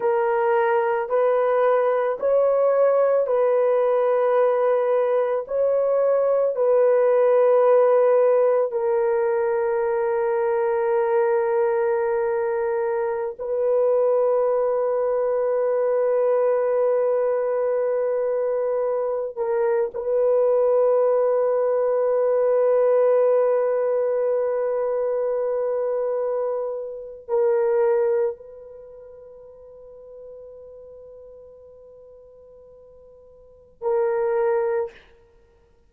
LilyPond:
\new Staff \with { instrumentName = "horn" } { \time 4/4 \tempo 4 = 55 ais'4 b'4 cis''4 b'4~ | b'4 cis''4 b'2 | ais'1~ | ais'16 b'2.~ b'8.~ |
b'4.~ b'16 ais'8 b'4.~ b'16~ | b'1~ | b'4 ais'4 b'2~ | b'2. ais'4 | }